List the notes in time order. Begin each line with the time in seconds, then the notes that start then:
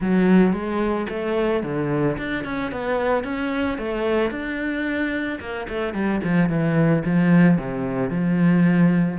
0.00 F#3
0.53 G#3
1.09 A3
1.63 D3
2.17 D4
2.44 C#4
2.71 B3
3.24 C#4
3.78 A3
4.30 D4
5.39 A#3
5.69 A3
5.93 G3
6.23 F3
6.49 E3
7.05 F3
7.57 C3
8.10 F3